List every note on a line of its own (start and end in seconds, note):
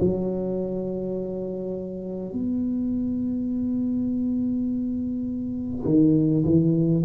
0.00 2.32 F#3
2.32 5.85 B3
5.85 6.44 D#3
6.45 7.04 E3